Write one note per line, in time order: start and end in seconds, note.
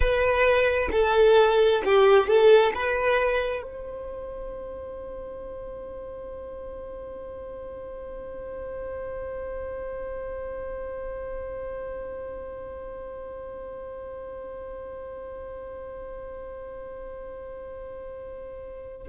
0.00 0.89 B4
0.91 1.82 A4
1.84 2.27 G4
2.27 2.73 A4
2.74 3.62 B4
3.62 19.07 C5